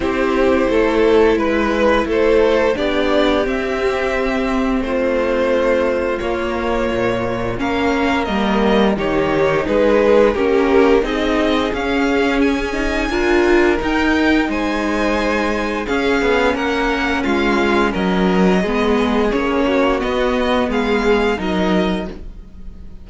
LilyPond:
<<
  \new Staff \with { instrumentName = "violin" } { \time 4/4 \tempo 4 = 87 c''2 b'4 c''4 | d''4 e''2 c''4~ | c''4 cis''2 f''4 | dis''4 cis''4 b'4 ais'4 |
dis''4 f''4 gis''2 | g''4 gis''2 f''4 | fis''4 f''4 dis''2 | cis''4 dis''4 f''4 dis''4 | }
  \new Staff \with { instrumentName = "violin" } { \time 4/4 g'4 a'4 b'4 a'4 | g'2. f'4~ | f'2. ais'4~ | ais'4 g'4 gis'4 g'4 |
gis'2. ais'4~ | ais'4 c''2 gis'4 | ais'4 f'4 ais'4 gis'4~ | gis'8 fis'4. gis'4 ais'4 | }
  \new Staff \with { instrumentName = "viola" } { \time 4/4 e'1 | d'4 c'2.~ | c'4 ais2 cis'4 | ais4 dis'2 cis'4 |
dis'4 cis'4. dis'8 f'4 | dis'2. cis'4~ | cis'2. b4 | cis'4 b2 dis'4 | }
  \new Staff \with { instrumentName = "cello" } { \time 4/4 c'4 a4 gis4 a4 | b4 c'2 a4~ | a4 ais4 ais,4 ais4 | g4 dis4 gis4 ais4 |
c'4 cis'2 d'4 | dis'4 gis2 cis'8 b8 | ais4 gis4 fis4 gis4 | ais4 b4 gis4 fis4 | }
>>